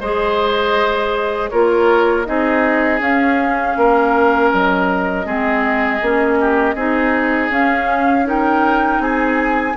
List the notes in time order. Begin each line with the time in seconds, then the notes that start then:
0.00 G#3 G#4 C5 D#5
1.50 A#3 F4 A#4 C#5
2.25 C4 D#4 G#4 D#5
3.00 C#4 F5
3.77 A#3 A#4
4.51 F#3 D#5
5.25 G#3 C4 G#4
6.02 A#3 C#4
6.40 G4
6.75 C4 D#4 G#4
7.50 C#4 F5
8.24 D#4 A#4 G5
8.99 C4 G#4 G#5